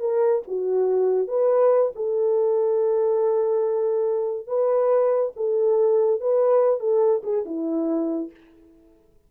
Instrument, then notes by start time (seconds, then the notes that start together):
horn
0.00 A#4
0.48 F#4
1.28 B4
1.96 A4
4.47 B4
5.37 A4
6.21 B4
6.80 A4
7.24 G#4
7.46 E4